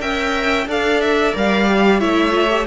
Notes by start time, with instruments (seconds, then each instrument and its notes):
0.00 cello C#4, viola A#4, violin E5 G5
0.67 cello D4, viola A4, violin D5 F5
1.01 violin E5
1.34 cello G3, viola A#4, violin F5
1.67 viola G4
1.99 cello A3, viola E4, violin C#5 E5
2.31 viola F4
2.49 viola G4